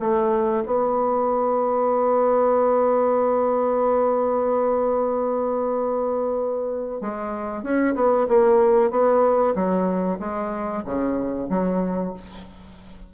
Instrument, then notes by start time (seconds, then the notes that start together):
bassoon
0.00 A3
0.66 B3
7.01 G#3
7.63 C#4
7.96 B3
8.28 A#3
8.91 B3
9.55 F#3
10.20 G#3
10.85 C#3
11.50 F#3